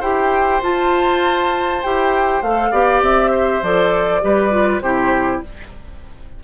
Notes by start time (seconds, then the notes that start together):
0.00 E4 G4 C5 G5
0.62 F4 A5
1.83 E4 G4 G5
2.42 A3 A4 F5
2.71 B3 G4 D5
3.02 C4 E5
3.31 C5
3.63 F3 A4 D5
4.22 G3 G4 B4
4.51 F4
4.81 C3 E4 G4 C5